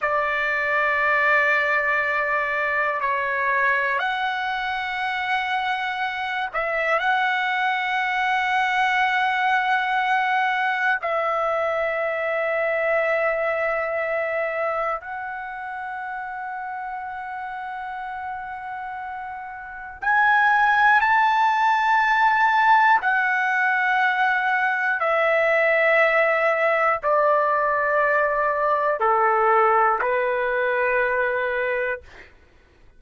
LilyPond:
\new Staff \with { instrumentName = "trumpet" } { \time 4/4 \tempo 4 = 60 d''2. cis''4 | fis''2~ fis''8 e''8 fis''4~ | fis''2. e''4~ | e''2. fis''4~ |
fis''1 | gis''4 a''2 fis''4~ | fis''4 e''2 d''4~ | d''4 a'4 b'2 | }